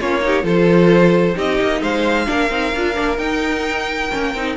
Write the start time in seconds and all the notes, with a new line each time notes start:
0.00 A#3 C#4 F4 C#5
0.22 D#4 G4
0.43 F3 F4 A4 C5
1.36 C4 D#4 G4 D#5
1.62 A#3
1.82 G#3 C5 F5
2.27 A#3 D4 A#4
2.50 C4 D#4
2.74 D4 F4
2.95 A#3 D4
3.18 D#4 G5
4.12 A#3 C#4
4.35 C4 D#4